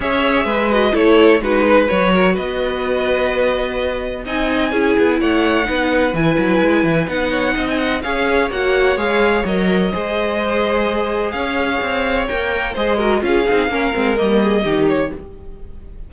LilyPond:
<<
  \new Staff \with { instrumentName = "violin" } { \time 4/4 \tempo 4 = 127 e''4. dis''8 cis''4 b'4 | cis''4 dis''2.~ | dis''4 gis''2 fis''4~ | fis''4 gis''2 fis''4~ |
fis''16 gis''16 fis''8 f''4 fis''4 f''4 | dis''1 | f''2 g''4 dis''4 | f''2 dis''4. cis''8 | }
  \new Staff \with { instrumentName = "violin" } { \time 4/4 cis''4 b'4 a'4 fis'8 b'8~ | b'8 ais'8 b'2.~ | b'4 dis''4 gis'4 cis''4 | b'2.~ b'8 cis''8 |
dis''4 cis''2.~ | cis''4 c''2. | cis''2. c''8 ais'8 | gis'4 ais'4. gis'8 g'4 | }
  \new Staff \with { instrumentName = "viola" } { \time 4/4 gis'4. fis'8 e'4 dis'4 | fis'1~ | fis'4 dis'4 e'2 | dis'4 e'2 dis'4~ |
dis'4 gis'4 fis'4 gis'4 | ais'4 gis'2.~ | gis'2 ais'4 gis'8 fis'8 | f'8 dis'8 cis'8 c'8 ais4 dis'4 | }
  \new Staff \with { instrumentName = "cello" } { \time 4/4 cis'4 gis4 a4 gis4 | fis4 b2.~ | b4 c'4 cis'8 b8 a4 | b4 e8 fis8 gis8 e8 b4 |
c'4 cis'4 ais4 gis4 | fis4 gis2. | cis'4 c'4 ais4 gis4 | cis'8 c'8 ais8 gis8 g4 dis4 | }
>>